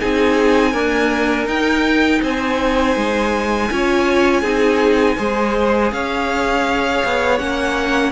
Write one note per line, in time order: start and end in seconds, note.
0.00 0.74 C4
0.00 0.74 D#4
0.00 0.72 G#4
0.00 1.48 G#5
0.72 1.46 A#3
0.72 1.47 D4
0.72 2.20 A#4
1.46 3.68 D#4
1.46 2.21 D#4
1.46 2.22 G5
2.23 2.97 C4
2.23 3.71 C5
2.23 5.93 G#5
2.97 3.71 G#3
3.72 4.43 C#4
3.72 4.44 F4
3.72 4.42 C#5
4.42 5.17 C4
4.42 5.18 D#4
4.42 5.16 G#4
5.18 5.92 G#3
5.18 7.39 G#4
5.18 5.93 C5
5.92 7.03 C#4
5.92 8.12 C#5
5.92 7.39 F5
7.05 7.41 B3
7.39 8.12 A#3
7.39 8.12 C#4
7.39 8.12 F#5